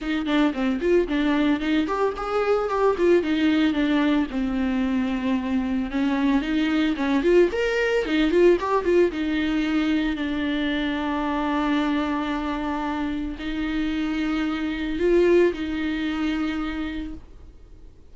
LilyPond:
\new Staff \with { instrumentName = "viola" } { \time 4/4 \tempo 4 = 112 dis'8 d'8 c'8 f'8 d'4 dis'8 g'8 | gis'4 g'8 f'8 dis'4 d'4 | c'2. cis'4 | dis'4 cis'8 f'8 ais'4 dis'8 f'8 |
g'8 f'8 dis'2 d'4~ | d'1~ | d'4 dis'2. | f'4 dis'2. | }